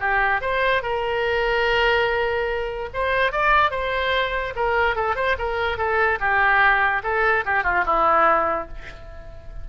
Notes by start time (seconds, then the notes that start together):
0.00 G4
0.41 C5
0.83 A#4
2.94 C5
3.32 D5
3.71 C5
4.56 A#4
4.96 A4
5.16 C5
5.39 A#4
5.78 A4
6.20 G4
7.03 A4
7.45 G4
7.64 F4
7.86 E4